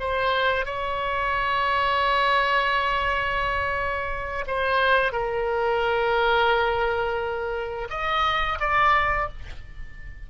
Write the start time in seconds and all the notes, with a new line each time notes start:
0.00 C5
0.66 C#5
4.47 C5
5.13 A#4
7.90 D#5
8.60 D5